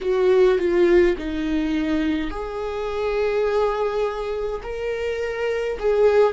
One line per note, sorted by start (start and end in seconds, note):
0.01 0.58 F#4
0.58 1.15 F4
1.17 2.30 D#4
2.30 4.61 G#4
4.63 5.78 A#4
5.79 6.33 G#4